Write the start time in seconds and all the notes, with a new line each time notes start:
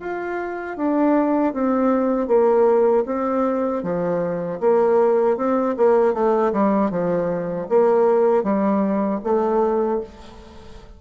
0.00 F4
0.77 D4
1.53 C4
2.27 A#3
3.06 C4
3.83 F3
4.60 A#3
5.37 C4
5.77 A#3
6.14 A3
6.53 G3
6.91 F3
7.69 A#3
8.43 G3
9.24 A3